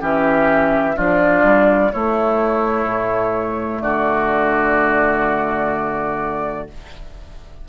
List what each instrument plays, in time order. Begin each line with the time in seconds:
0.00 bassoon E3, clarinet C#4, oboe G4, flute E5
0.96 bassoon F3, clarinet D4, oboe F4, flute D5
1.44 bassoon G3
1.93 clarinet A3, bassoon A3, oboe E4, flute C#5
2.86 bassoon A2
3.81 bassoon D3, oboe F#4, flute D5